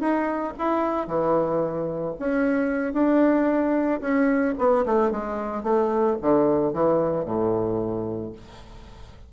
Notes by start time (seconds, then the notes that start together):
0.00 D#4
0.58 E4
1.07 E3
2.19 C#4
2.93 D4
4.01 C#4
4.58 B3
4.85 A3
5.11 G#3
5.63 A3
6.22 D3
6.73 E3
7.25 A2